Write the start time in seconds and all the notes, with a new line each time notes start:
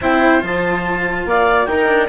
0.00 C4 E4 C5 G5
0.40 F3 F4 A5
1.25 A#3 D5 F5
1.65 D#4 A#4 G5
1.87 D4